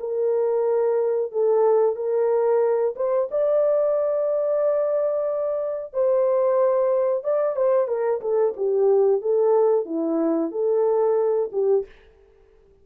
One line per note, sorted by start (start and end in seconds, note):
0.00 1.32 A#4
1.32 1.96 A4
1.96 2.95 A#4
2.96 3.29 C5
3.31 5.93 D5
5.93 7.24 C5
7.24 7.56 D5
7.56 7.88 C5
7.88 8.21 A#4
8.21 8.54 A4
8.57 9.22 G4
9.22 9.85 A4
9.85 10.51 E4
10.52 11.51 A4
11.52 11.85 G4